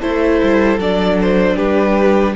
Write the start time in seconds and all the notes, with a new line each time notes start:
0.00 A3 E4 A4 C5
0.43 G3
0.78 F#3 D4 D5
1.21 C5
1.56 G3 G4 B4